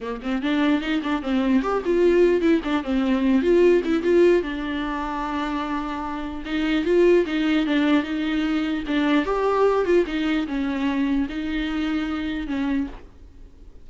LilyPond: \new Staff \with { instrumentName = "viola" } { \time 4/4 \tempo 4 = 149 ais8 c'8 d'4 dis'8 d'8 c'4 | g'8 f'4. e'8 d'8 c'4~ | c'8 f'4 e'8 f'4 d'4~ | d'1 |
dis'4 f'4 dis'4 d'4 | dis'2 d'4 g'4~ | g'8 f'8 dis'4 cis'2 | dis'2. cis'4 | }